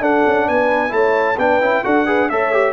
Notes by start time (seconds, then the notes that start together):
0.00 D4 A4 F#5
0.26 C#4
0.47 B3 B4 G#5
0.89 A3 E4 C#5 A5
1.37 B3 D4 B4 G5
1.60 C#4 E4
1.84 D4 F#4 A4 F#5
2.06 G#4 B4
2.29 A3 A4 C#5 E5
2.53 G4